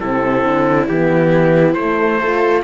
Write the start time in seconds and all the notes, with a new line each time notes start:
0.00 C3 C4 E4 A4
0.44 D3
0.89 E3 B3 G4
1.74 A3 C5
2.19 F4 A4